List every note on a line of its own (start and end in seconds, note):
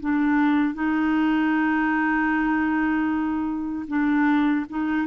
0.00 0.74 D4
0.74 3.86 D#4
3.88 4.66 D4
4.70 5.07 D#4